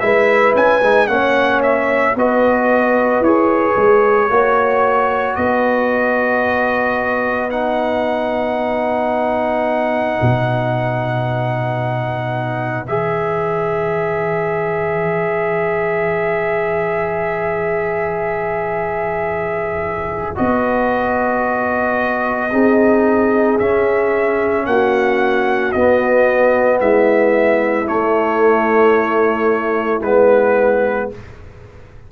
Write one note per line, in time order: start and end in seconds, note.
0.00 0.55 G#3
0.00 0.82 E4
0.00 1.10 B4
0.00 0.54 E5
0.55 0.82 C#4
0.55 1.07 G#5
0.82 1.08 G#3
0.82 1.08 D#4
1.07 2.16 A#3
1.07 2.15 C#4
1.07 2.17 C#5
1.07 1.61 F#5
1.63 2.16 E5
2.16 3.21 B3
2.16 3.25 F#4
2.16 4.31 B4
2.16 3.24 D#5
3.21 3.75 E4
3.21 4.30 G#4
3.21 5.36 C#5
3.76 4.29 G#3
4.29 5.36 A#3
4.29 7.50 F#4
4.29 5.37 C#5
5.36 10.19 B3
5.36 22.51 B4
5.36 7.50 D#5
7.50 12.86 D#4
7.50 12.86 F#5
10.21 12.87 B2
12.87 20.37 E3
12.87 20.35 G#4
12.87 20.37 E5
20.35 22.53 B3
20.35 22.50 F#4
20.35 23.58 D#5
22.51 23.60 C4
22.51 23.59 D#4
22.51 24.66 G#4
23.59 24.66 C#4
23.59 25.75 C#4
23.59 24.66 E5
24.66 25.73 A#3
24.66 26.80 F#4
24.66 25.72 F#5
25.72 26.81 B3
25.72 27.86 B3
25.72 26.79 D#5
26.80 27.88 G#3
26.80 31.08 E4
26.80 27.88 E5
27.86 30.00 A3
27.86 30.02 A3
27.86 30.02 C#5
30.02 31.09 G#3
30.02 31.12 B3
30.02 31.10 B4